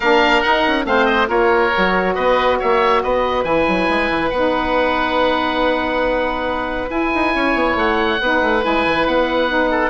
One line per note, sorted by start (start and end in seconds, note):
0.00 0.40 A#3
0.00 0.44 D4
0.00 0.84 A#4
0.00 0.42 F5
0.42 0.85 D#4
0.42 0.66 D#4
0.42 0.85 F#5
0.66 0.84 C#4
0.84 1.27 A3
0.84 1.27 C4
0.84 1.28 C5
0.84 1.05 F5
1.05 1.27 D#5
1.27 1.71 A#3
1.27 1.70 F4
1.27 2.14 A#4
1.27 2.15 C#5
1.73 2.17 F#3
1.73 3.44 F#4
2.14 2.60 B3
2.14 2.57 B4
2.14 2.58 D#5
2.59 3.04 A#3
2.59 3.02 C#5
2.59 3.02 E5
3.02 3.44 B3
3.02 7.34 B4
3.02 3.44 D#5
3.44 3.65 E3
3.44 4.30 E4
3.44 4.30 G#5
3.68 3.89 F#3
3.89 4.09 G#3
4.09 4.31 E3
4.30 6.90 B3
4.30 6.88 D#4
4.30 6.89 F#5
6.88 8.17 E4
6.88 7.11 E4
6.88 7.76 G#5
7.14 7.34 D#4
7.34 7.54 C#4
7.34 8.21 C#5
7.54 7.75 B3
7.75 8.18 A3
7.75 8.64 F#5
8.20 8.41 B3
8.20 8.62 D#4
8.20 9.71 B4
8.41 8.63 A3
8.62 8.85 G#3
8.62 9.48 E4
8.62 9.07 G#5
8.85 9.06 E3
9.06 9.90 B3
9.06 9.90 F#5
9.48 9.90 D#4
9.71 9.90 A4